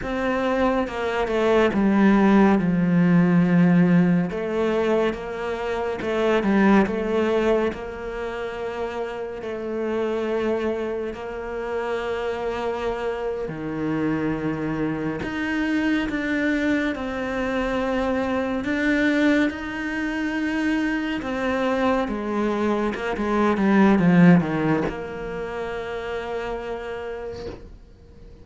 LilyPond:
\new Staff \with { instrumentName = "cello" } { \time 4/4 \tempo 4 = 70 c'4 ais8 a8 g4 f4~ | f4 a4 ais4 a8 g8 | a4 ais2 a4~ | a4 ais2~ ais8. dis16~ |
dis4.~ dis16 dis'4 d'4 c'16~ | c'4.~ c'16 d'4 dis'4~ dis'16~ | dis'8. c'4 gis4 ais16 gis8 g8 | f8 dis8 ais2. | }